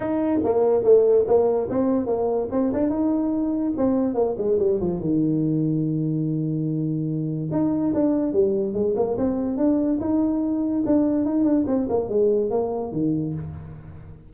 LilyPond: \new Staff \with { instrumentName = "tuba" } { \time 4/4 \tempo 4 = 144 dis'4 ais4 a4 ais4 | c'4 ais4 c'8 d'8 dis'4~ | dis'4 c'4 ais8 gis8 g8 f8 | dis1~ |
dis2 dis'4 d'4 | g4 gis8 ais8 c'4 d'4 | dis'2 d'4 dis'8 d'8 | c'8 ais8 gis4 ais4 dis4 | }